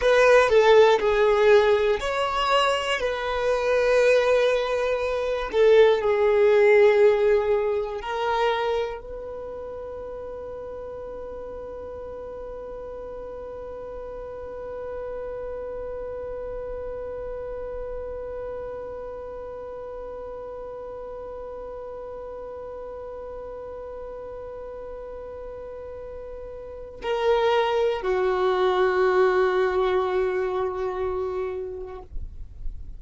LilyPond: \new Staff \with { instrumentName = "violin" } { \time 4/4 \tempo 4 = 60 b'8 a'8 gis'4 cis''4 b'4~ | b'4. a'8 gis'2 | ais'4 b'2.~ | b'1~ |
b'1~ | b'1~ | b'2. ais'4 | fis'1 | }